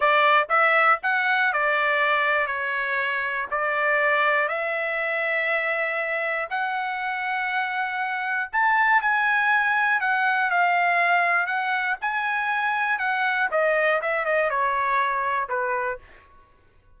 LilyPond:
\new Staff \with { instrumentName = "trumpet" } { \time 4/4 \tempo 4 = 120 d''4 e''4 fis''4 d''4~ | d''4 cis''2 d''4~ | d''4 e''2.~ | e''4 fis''2.~ |
fis''4 a''4 gis''2 | fis''4 f''2 fis''4 | gis''2 fis''4 dis''4 | e''8 dis''8 cis''2 b'4 | }